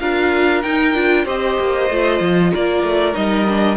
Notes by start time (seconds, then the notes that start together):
0.00 D4 F4 A#4 F5
0.63 D#4 G5
0.94 D4 F4
1.25 C4 G4 C5 D#5
1.60 A#3
1.90 A3 F4
2.21 F3
2.54 A#3 A#4 D5
2.83 A3
3.15 G3 D#4 D#5
3.49 D4